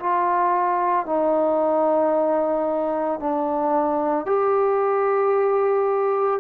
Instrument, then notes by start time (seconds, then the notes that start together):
trombone
0.00 F4
1.06 D#4
3.20 D4
4.26 G4